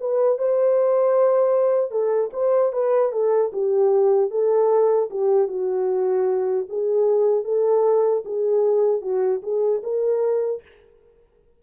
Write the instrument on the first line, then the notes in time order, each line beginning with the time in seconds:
horn
0.00 B4
0.38 C5
1.91 A4
2.33 C5
2.72 B4
3.12 A4
3.52 G4
4.30 A4
5.10 G4
5.48 F#4
6.69 G#4
7.44 A4
8.25 G#4
9.01 F#4
9.43 G#4
9.83 A#4